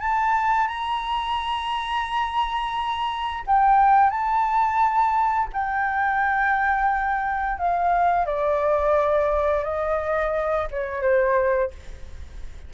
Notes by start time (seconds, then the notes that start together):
0.00 A5
0.67 A#5
3.46 G5
4.10 A5
5.53 G5
7.58 F5
8.26 D5
9.64 D#5
10.71 C#5
11.01 C5